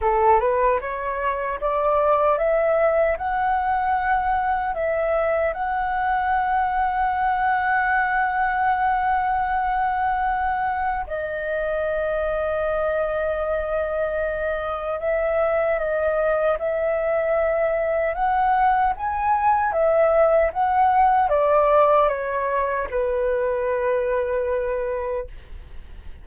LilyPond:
\new Staff \with { instrumentName = "flute" } { \time 4/4 \tempo 4 = 76 a'8 b'8 cis''4 d''4 e''4 | fis''2 e''4 fis''4~ | fis''1~ | fis''2 dis''2~ |
dis''2. e''4 | dis''4 e''2 fis''4 | gis''4 e''4 fis''4 d''4 | cis''4 b'2. | }